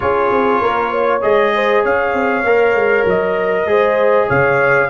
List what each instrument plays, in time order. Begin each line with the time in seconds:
0.00 tuba C#4, trombone F4, horn G#4, trumpet C#5
0.31 tuba C4
0.61 tuba A#3, horn A#4
0.91 horn C#5
1.21 tuba G#3, trombone G#4, trumpet D#5
1.55 horn C5
1.83 tuba C#4, horn C#5, trumpet F5
2.13 tuba C4
2.44 tuba A#3, trombone A#4
2.74 tuba G#3
3.05 tuba F#3, trumpet D#5
3.65 tuba G#3, trombone G#4, horn C5
4.27 tuba C#3, horn C#5, trumpet F5